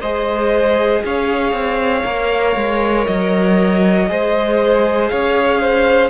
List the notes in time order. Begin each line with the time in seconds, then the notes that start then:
0.00 G#3 G#4 C5 D#5
1.04 C#4 C#5 F5
1.52 C4
2.04 A#3 A#4
2.56 G#3
3.06 F#3 D#5
4.08 G#3 G#4 C5
5.08 C#4 C#5 F5
5.60 C5